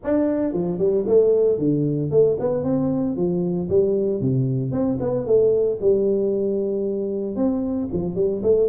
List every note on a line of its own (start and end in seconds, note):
0.03 0.53 D4
0.53 0.78 F3
0.78 1.04 G3
1.06 1.58 A3
1.58 2.11 D3
2.11 2.37 A3
2.39 2.63 B3
2.63 3.16 C4
3.16 3.68 F3
3.69 4.21 G3
4.21 4.71 C3
4.71 4.97 C4
5.00 5.26 B3
5.26 5.78 A3
5.80 7.35 G3
7.35 7.88 C4
7.92 8.15 F3
8.15 8.41 G3
8.43 8.69 A3